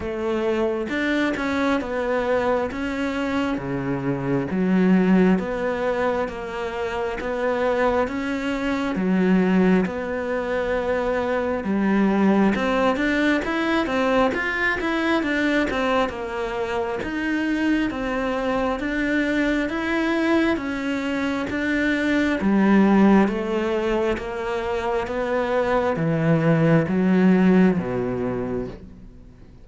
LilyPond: \new Staff \with { instrumentName = "cello" } { \time 4/4 \tempo 4 = 67 a4 d'8 cis'8 b4 cis'4 | cis4 fis4 b4 ais4 | b4 cis'4 fis4 b4~ | b4 g4 c'8 d'8 e'8 c'8 |
f'8 e'8 d'8 c'8 ais4 dis'4 | c'4 d'4 e'4 cis'4 | d'4 g4 a4 ais4 | b4 e4 fis4 b,4 | }